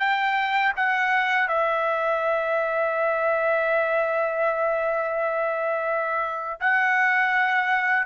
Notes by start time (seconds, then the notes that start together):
0.00 G5
0.77 F#5
1.48 E5
6.61 F#5